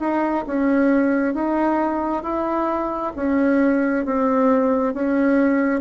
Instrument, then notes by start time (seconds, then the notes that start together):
bassoon
0.00 D#4
0.46 C#4
1.34 D#4
2.23 E4
3.16 C#4
4.05 C4
4.94 C#4